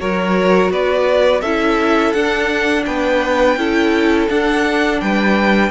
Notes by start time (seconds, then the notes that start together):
0.00 F#3 F#4 A#4 C#5
0.71 B3 B4 D5
1.42 C#4 E4 A4 E5
2.13 D4 F#5
2.86 B3 B4 G5
3.57 C#4 E4 A4
4.30 D4 F#5
5.01 G3 B4 G5